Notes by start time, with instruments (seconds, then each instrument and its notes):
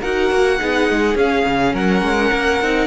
0.00 cello D#4, viola F#4, violin A#4 F#5
0.32 cello A#3
0.59 cello B3, viola D#4, violin G#4
0.90 cello G#3
1.15 cello C#4, viola C#4, violin F5
1.46 cello C#3
1.74 cello F#3, violin A#4 F#5
2.02 cello G#3
2.32 cello A#3
2.62 cello C4, viola D#4